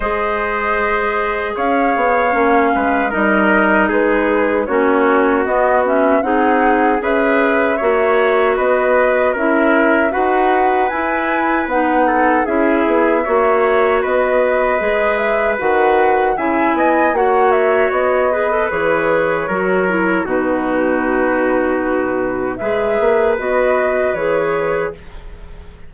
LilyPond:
<<
  \new Staff \with { instrumentName = "flute" } { \time 4/4 \tempo 4 = 77 dis''2 f''2 | dis''4 b'4 cis''4 dis''8 e''8 | fis''4 e''2 dis''4 | e''4 fis''4 gis''4 fis''4 |
e''2 dis''4. e''8 | fis''4 gis''4 fis''8 e''8 dis''4 | cis''2 b'2~ | b'4 e''4 dis''4 cis''4 | }
  \new Staff \with { instrumentName = "trumpet" } { \time 4/4 c''2 cis''4. b'8 | ais'4 gis'4 fis'2 | gis'4 b'4 cis''4 b'4 | ais'4 b'2~ b'8 a'8 |
gis'4 cis''4 b'2~ | b'4 e''8 dis''8 cis''4. b'8~ | b'4 ais'4 fis'2~ | fis'4 b'2. | }
  \new Staff \with { instrumentName = "clarinet" } { \time 4/4 gis'2. cis'4 | dis'2 cis'4 b8 cis'8 | dis'4 gis'4 fis'2 | e'4 fis'4 e'4 dis'4 |
e'4 fis'2 gis'4 | fis'4 e'4 fis'4. gis'16 a'16 | gis'4 fis'8 e'8 dis'2~ | dis'4 gis'4 fis'4 gis'4 | }
  \new Staff \with { instrumentName = "bassoon" } { \time 4/4 gis2 cis'8 b8 ais8 gis8 | g4 gis4 ais4 b4 | c'4 cis'4 ais4 b4 | cis'4 dis'4 e'4 b4 |
cis'8 b8 ais4 b4 gis4 | dis4 cis8 b8 ais4 b4 | e4 fis4 b,2~ | b,4 gis8 ais8 b4 e4 | }
>>